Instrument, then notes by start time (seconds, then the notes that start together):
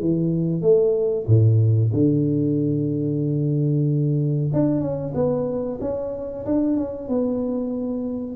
tuba
0.00 E3
0.61 A3
1.26 A2
1.93 D3
4.53 D4
4.80 C#4
5.14 B3
5.81 C#4
6.45 D4
6.77 C#4
7.08 B3